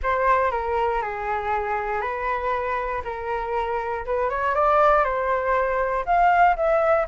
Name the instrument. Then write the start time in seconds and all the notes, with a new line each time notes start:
flute
0.03 C5
0.51 A#4
1.01 G#4
2.01 B4
3.04 A#4
4.05 B4
4.29 C#5
4.54 D5
5.04 C5
6.05 F5
6.56 E5